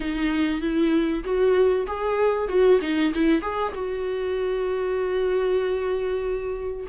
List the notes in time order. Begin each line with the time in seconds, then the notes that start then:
0.00 D#4
0.61 E4
1.23 F#4
1.86 G#4
2.48 F#4
2.81 D#4
3.13 E4
3.41 G#4
3.74 F#4